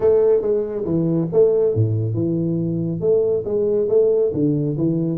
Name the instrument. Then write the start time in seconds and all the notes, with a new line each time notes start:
tuba
0.00 A3
0.41 G#3
0.85 E3
1.32 A3
1.75 A2
2.14 E3
3.00 A3
3.44 G#3
3.88 A3
4.33 D3
4.77 E3